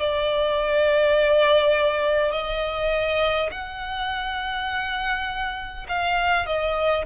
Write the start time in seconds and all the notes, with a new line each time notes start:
0.00 D5
2.32 D#5
3.52 F#5
5.89 F5
6.47 D#5